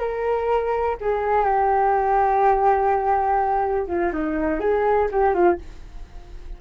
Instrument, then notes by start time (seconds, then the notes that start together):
flute
0.00 A#4
1.01 G#4
1.45 G4
3.88 F4
4.13 D#4
4.60 G#4
5.12 G4
5.34 F4